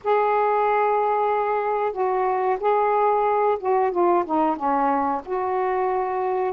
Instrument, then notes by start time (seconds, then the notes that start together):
saxophone
0.04 G#4
1.92 F#4
2.60 G#4
3.59 F#4
3.91 F4
4.25 D#4
4.56 C#4
5.25 F#4